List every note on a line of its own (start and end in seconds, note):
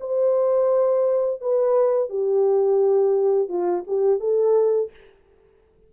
0.00 1.41 C5
1.41 2.10 B4
2.10 3.49 G4
3.49 3.84 F4
3.87 4.20 G4
4.20 4.90 A4